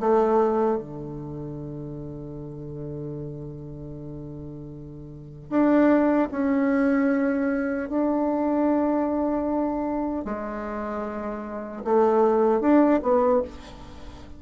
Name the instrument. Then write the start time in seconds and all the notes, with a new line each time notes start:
bassoon
0.00 A3
0.78 D3
5.50 D4
6.31 C#4
7.89 D4
10.25 G#3
11.84 A3
12.61 D4
13.03 B3